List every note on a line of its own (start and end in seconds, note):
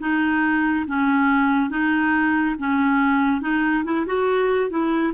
0.00 0.86 D#4
0.87 1.70 C#4
1.70 2.56 D#4
2.59 3.41 C#4
3.41 3.84 D#4
3.85 4.06 E4
4.06 4.70 F#4
4.70 5.13 E4